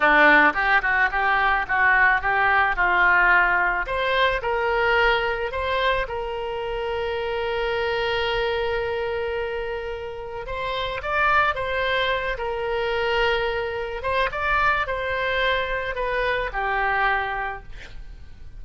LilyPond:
\new Staff \with { instrumentName = "oboe" } { \time 4/4 \tempo 4 = 109 d'4 g'8 fis'8 g'4 fis'4 | g'4 f'2 c''4 | ais'2 c''4 ais'4~ | ais'1~ |
ais'2. c''4 | d''4 c''4. ais'4.~ | ais'4. c''8 d''4 c''4~ | c''4 b'4 g'2 | }